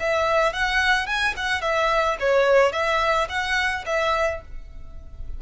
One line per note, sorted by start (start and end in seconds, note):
0.00 0.54 E5
0.54 1.07 F#5
1.07 1.35 G#5
1.37 1.62 F#5
1.62 2.17 E5
2.20 2.73 C#5
2.73 3.28 E5
3.29 3.85 F#5
3.86 4.42 E5